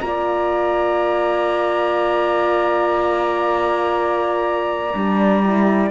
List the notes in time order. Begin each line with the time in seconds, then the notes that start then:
0.00 A#3 F4 D5 A#5
4.93 G3 D4
5.43 E4